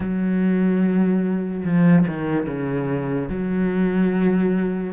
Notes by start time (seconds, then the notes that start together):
0.00 F#3
1.64 F3
2.07 D#3
2.46 C#3
3.28 F#3